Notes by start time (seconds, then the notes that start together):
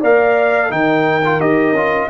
0.00 A#3 A#4 D5 F5
0.70 D#3 D#4 A#4 G5
1.25 F4
1.40 D#4 G4 D#5
1.72 C#4 F4